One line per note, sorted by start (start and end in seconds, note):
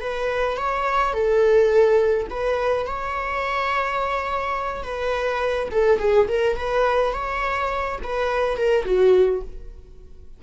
0.00 0.57 B4
0.57 1.13 C#5
1.13 2.27 A4
2.30 2.86 B4
2.86 4.83 C#5
4.83 5.69 B4
5.71 5.99 A4
5.99 6.27 G#4
6.28 6.56 A#4
6.56 7.13 B4
7.13 7.99 C#5
8.03 8.57 B4
8.57 8.84 A#4
8.84 9.42 F#4